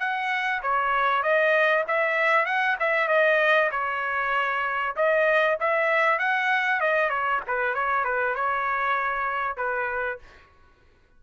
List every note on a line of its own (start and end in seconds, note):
0.00 0.62 F#5
0.63 1.23 C#5
1.23 1.85 D#5
1.88 2.46 E5
2.46 2.77 F#5
2.80 3.08 E5
3.08 3.70 D#5
3.72 4.95 C#5
4.96 5.58 D#5
5.60 6.19 E5
6.19 6.80 F#5
6.80 7.10 D#5
7.10 7.41 C#5
7.48 7.75 B4
7.75 8.05 C#5
8.05 8.35 B4
8.35 9.57 C#5
9.57 10.19 B4